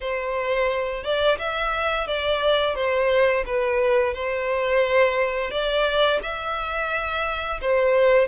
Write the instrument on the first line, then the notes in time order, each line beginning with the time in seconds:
violin
0.01 C5
1.03 D5
1.38 E5
2.07 D5
2.75 C5
3.45 B4
4.13 C5
5.50 D5
6.22 E5
7.61 C5